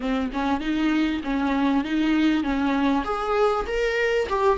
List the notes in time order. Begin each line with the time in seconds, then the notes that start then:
0.00 C4
0.32 C#4
0.60 D#4
1.23 C#4
1.84 D#4
2.43 C#4
3.04 G#4
3.66 A#4
4.29 G4